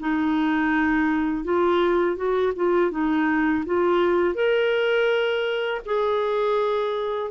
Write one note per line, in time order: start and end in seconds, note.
0.00 1.44 D#4
1.44 2.16 F4
2.16 2.53 F#4
2.56 2.91 F4
2.91 3.65 D#4
3.66 4.35 F4
4.35 5.81 A#4
5.85 7.31 G#4